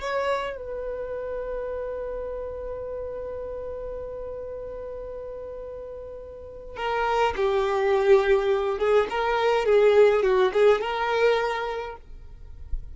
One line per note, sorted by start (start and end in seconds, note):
0.00 0.57 C#5
0.57 6.77 B4
6.77 7.34 A#4
7.36 8.78 G4
8.78 9.07 G#4
9.10 9.65 A#4
9.65 10.23 G#4
10.23 10.52 F#4
10.53 10.81 G#4
10.81 11.96 A#4